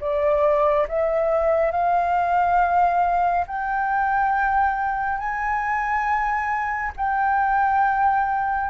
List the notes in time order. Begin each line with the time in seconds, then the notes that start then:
0.00 D5
0.88 E5
1.71 F5
3.47 G5
5.18 G#5
6.96 G5